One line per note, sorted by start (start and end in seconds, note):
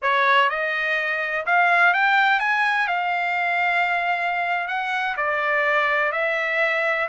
0.02 0.49 C#5
0.49 1.45 D#5
1.46 1.93 F5
1.93 2.39 G5
2.39 2.87 G#5
2.87 4.67 F5
4.67 5.15 F#5
5.16 6.12 D5
6.12 7.08 E5